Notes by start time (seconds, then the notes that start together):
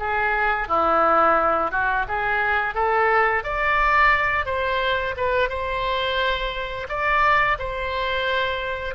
0.00 G#4
0.69 E4
1.72 F#4
2.08 G#4
2.75 A4
3.44 D5
4.46 C5
5.17 B4
5.50 C5
6.89 D5
7.59 C5